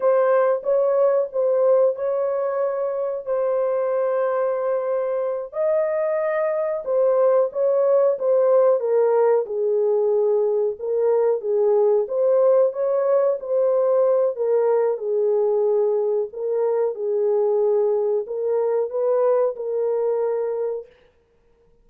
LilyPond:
\new Staff \with { instrumentName = "horn" } { \time 4/4 \tempo 4 = 92 c''4 cis''4 c''4 cis''4~ | cis''4 c''2.~ | c''8 dis''2 c''4 cis''8~ | cis''8 c''4 ais'4 gis'4.~ |
gis'8 ais'4 gis'4 c''4 cis''8~ | cis''8 c''4. ais'4 gis'4~ | gis'4 ais'4 gis'2 | ais'4 b'4 ais'2 | }